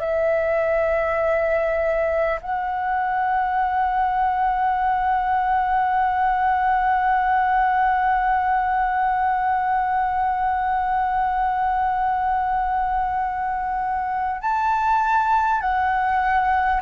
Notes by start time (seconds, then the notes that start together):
0.00 E5
2.42 F#5
14.42 A5
15.62 F#5